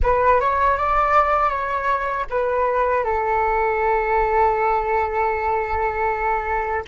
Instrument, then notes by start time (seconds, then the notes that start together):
flute
0.02 B4
0.40 C#5
0.77 D5
1.49 C#5
2.30 B4
3.04 A4